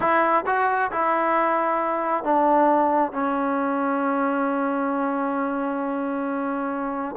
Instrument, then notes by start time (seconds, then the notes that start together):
trombone
0.00 E4
0.46 F#4
0.91 E4
2.24 D4
3.12 C#4